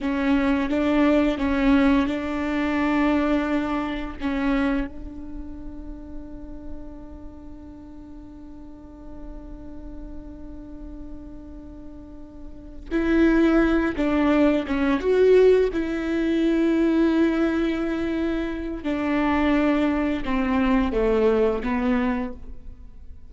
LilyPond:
\new Staff \with { instrumentName = "viola" } { \time 4/4 \tempo 4 = 86 cis'4 d'4 cis'4 d'4~ | d'2 cis'4 d'4~ | d'1~ | d'1~ |
d'2~ d'8 e'4. | d'4 cis'8 fis'4 e'4.~ | e'2. d'4~ | d'4 c'4 a4 b4 | }